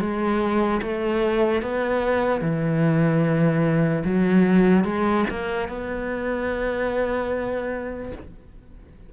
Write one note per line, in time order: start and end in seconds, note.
0.00 0.81 G#3
0.82 1.62 A3
1.62 2.41 B3
2.41 4.04 E3
4.05 4.85 F#3
4.85 5.25 G#3
5.30 5.69 A#3
5.69 8.12 B3